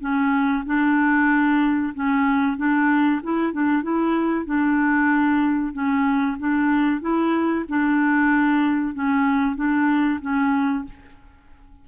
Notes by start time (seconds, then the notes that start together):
0.00 C#4
0.66 D4
1.94 C#4
2.57 D4
3.23 E4
3.53 D4
3.83 E4
4.45 D4
5.73 C#4
6.39 D4
7.01 E4
7.69 D4
8.94 C#4
9.56 D4
10.21 C#4